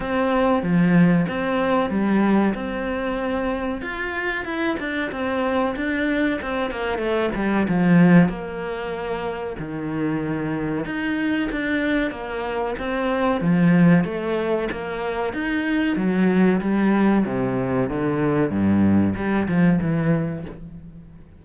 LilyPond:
\new Staff \with { instrumentName = "cello" } { \time 4/4 \tempo 4 = 94 c'4 f4 c'4 g4 | c'2 f'4 e'8 d'8 | c'4 d'4 c'8 ais8 a8 g8 | f4 ais2 dis4~ |
dis4 dis'4 d'4 ais4 | c'4 f4 a4 ais4 | dis'4 fis4 g4 c4 | d4 g,4 g8 f8 e4 | }